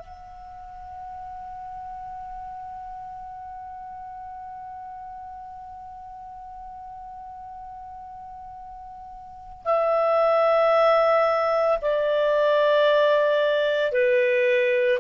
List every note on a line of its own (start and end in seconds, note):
0.00 9.64 F#5
9.65 11.79 E5
11.82 13.92 D5
13.92 15.00 B4